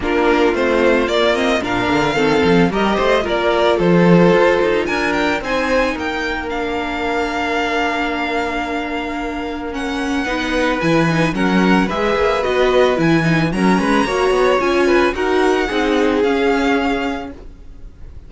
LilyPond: <<
  \new Staff \with { instrumentName = "violin" } { \time 4/4 \tempo 4 = 111 ais'4 c''4 d''8 dis''8 f''4~ | f''4 dis''4 d''4 c''4~ | c''4 gis''8 g''8 gis''4 g''4 | f''1~ |
f''2 fis''2 | gis''4 fis''4 e''4 dis''4 | gis''4 ais''2 gis''4 | fis''2 f''2 | }
  \new Staff \with { instrumentName = "violin" } { \time 4/4 f'2. ais'4 | a'4 ais'8 c''8 ais'4 a'4~ | a'4 ais'4 c''4 ais'4~ | ais'1~ |
ais'2. b'4~ | b'4 ais'4 b'2~ | b'4 ais'8 b'8 cis''4. b'8 | ais'4 gis'2. | }
  \new Staff \with { instrumentName = "viola" } { \time 4/4 d'4 c'4 ais8 c'8 d'4 | c'4 g'4 f'2~ | f'2 dis'2 | d'1~ |
d'2 cis'4 dis'4 | e'8 dis'8 cis'4 gis'4 fis'4 | e'8 dis'8 cis'4 fis'4 f'4 | fis'4 dis'4 cis'2 | }
  \new Staff \with { instrumentName = "cello" } { \time 4/4 ais4 a4 ais4 ais,8 d8 | dis8 f8 g8 a8 ais4 f4 | f'8 dis'8 d'4 c'4 ais4~ | ais1~ |
ais2. b4 | e4 fis4 gis8 ais8 b4 | e4 fis8 gis8 ais8 b8 cis'4 | dis'4 c'4 cis'2 | }
>>